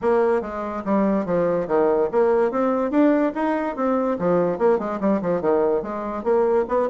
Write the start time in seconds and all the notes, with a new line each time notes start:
0.01 A#3
0.41 G#3
0.84 G3
1.25 F3
1.67 D#3
2.11 A#3
2.51 C4
2.90 D4
3.34 D#4
3.76 C4
4.18 F3
4.58 A#3
4.78 G#3
5.00 G3
5.21 F3
5.41 D#3
5.82 G#3
6.23 A#3
6.68 B3